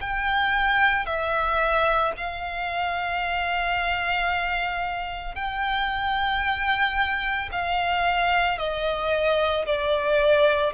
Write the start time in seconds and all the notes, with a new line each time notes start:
0.00 G5
1.05 E5
2.17 F5
5.35 G5
7.51 F5
8.58 D#5
9.65 D5